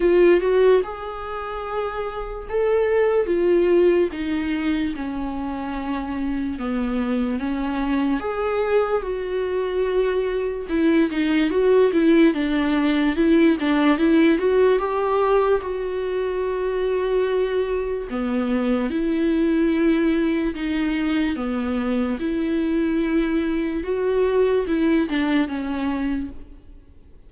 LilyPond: \new Staff \with { instrumentName = "viola" } { \time 4/4 \tempo 4 = 73 f'8 fis'8 gis'2 a'4 | f'4 dis'4 cis'2 | b4 cis'4 gis'4 fis'4~ | fis'4 e'8 dis'8 fis'8 e'8 d'4 |
e'8 d'8 e'8 fis'8 g'4 fis'4~ | fis'2 b4 e'4~ | e'4 dis'4 b4 e'4~ | e'4 fis'4 e'8 d'8 cis'4 | }